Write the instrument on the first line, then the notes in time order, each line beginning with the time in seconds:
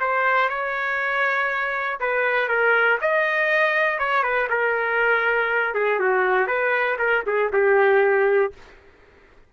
trumpet
0.00 C5
0.49 C#5
2.00 B4
2.49 A#4
3.01 D#5
3.99 C#5
4.23 B4
4.50 A#4
5.75 G#4
6.00 F#4
6.47 B4
6.99 A#4
7.27 G#4
7.53 G4